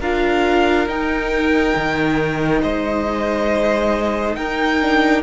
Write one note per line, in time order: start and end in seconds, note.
0.00 0.87 D4
0.00 0.88 F4
0.00 2.61 A#4
0.00 0.88 F5
0.87 1.74 D#4
0.87 4.79 D#4
0.87 2.62 G5
1.76 2.63 D#3
2.62 4.37 G#3
2.62 4.36 C5
2.62 4.35 D#5
4.35 5.23 D#4
4.35 5.23 A#4
4.35 5.22 G5
4.81 5.23 D4